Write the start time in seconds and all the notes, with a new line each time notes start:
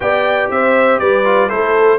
0.00 B3 G4 D5 G5
0.50 C4 C5 E5
0.99 G3 B4 D5
1.24 F4
1.49 A3 E4 A4 C5